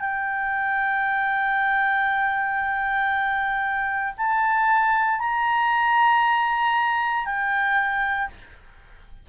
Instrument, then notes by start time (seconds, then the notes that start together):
clarinet
0.00 G5
4.17 A5
5.20 A#5
7.25 G5